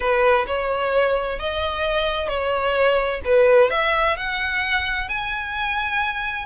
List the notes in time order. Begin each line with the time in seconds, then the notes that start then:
0.00 B4
0.46 C#5
1.39 D#5
2.28 C#5
3.24 B4
3.70 E5
4.16 F#5
5.08 G#5